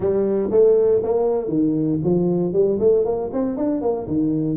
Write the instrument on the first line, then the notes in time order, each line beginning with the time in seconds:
tuba
0.00 G3
0.50 A3
1.03 A#3
1.48 D#3
2.03 F3
2.53 G3
2.79 A3
3.05 A#3
3.32 C4
3.56 D4
3.81 A#3
4.07 D#3